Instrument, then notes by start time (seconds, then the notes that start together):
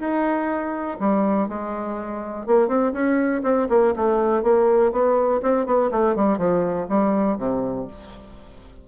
bassoon
0.00 D#4
1.00 G3
1.49 G#3
2.47 A#3
2.68 C4
2.93 C#4
3.44 C4
3.70 A#3
3.96 A3
4.43 A#3
4.92 B3
5.43 C4
5.66 B3
5.91 A3
6.16 G3
6.38 F3
6.89 G3
7.38 C3